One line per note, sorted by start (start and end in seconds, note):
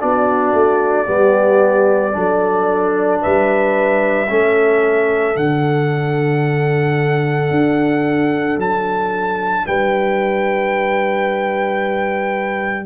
0.00 0.53 B3
0.00 1.06 D4
0.00 1.06 F#4
0.00 3.23 D5
0.53 1.07 A3
1.06 2.15 G3
1.06 2.13 B3
1.06 2.13 G4
2.13 3.23 F#3
2.13 4.27 D4
2.13 3.22 A4
3.22 4.30 G3
3.22 4.29 B4
3.22 5.37 E5
4.28 5.36 A3
4.28 5.35 C#4
4.28 9.66 A4
5.35 7.50 D3
5.35 12.85 D4
5.35 8.58 F#5
7.50 8.57 D4
8.57 9.65 F#3
8.57 9.67 A5
9.67 12.86 G3
9.67 12.86 B4
9.67 12.86 G5